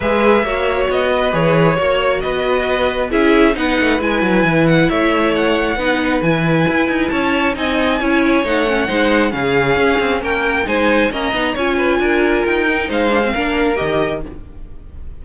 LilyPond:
<<
  \new Staff \with { instrumentName = "violin" } { \time 4/4 \tempo 4 = 135 e''2 dis''4 cis''4~ | cis''4 dis''2 e''4 | fis''4 gis''4. fis''8 e''4 | fis''2 gis''2 |
a''4 gis''2 fis''4~ | fis''4 f''2 g''4 | gis''4 ais''4 gis''2 | g''4 f''2 dis''4 | }
  \new Staff \with { instrumentName = "violin" } { \time 4/4 b'4 cis''4. b'4. | cis''4 b'2 gis'4 | b'2. cis''4~ | cis''4 b'2. |
cis''4 dis''4 cis''2 | c''4 gis'2 ais'4 | c''4 dis''4 cis''8 b'8 ais'4~ | ais'4 c''4 ais'2 | }
  \new Staff \with { instrumentName = "viola" } { \time 4/4 gis'4 fis'2 gis'4 | fis'2. e'4 | dis'4 e'2.~ | e'4 dis'4 e'2~ |
e'4 dis'4 e'4 dis'8 cis'8 | dis'4 cis'2. | dis'4 cis'8 dis'8 f'2~ | f'8 dis'4 d'16 c'16 d'4 g'4 | }
  \new Staff \with { instrumentName = "cello" } { \time 4/4 gis4 ais4 b4 e4 | ais4 b2 cis'4 | b8 a8 gis8 fis8 e4 a4~ | a4 b4 e4 e'8 dis'8 |
cis'4 c'4 cis'4 a4 | gis4 cis4 cis'8 c'8 ais4 | gis4 ais8 b8 cis'4 d'4 | dis'4 gis4 ais4 dis4 | }
>>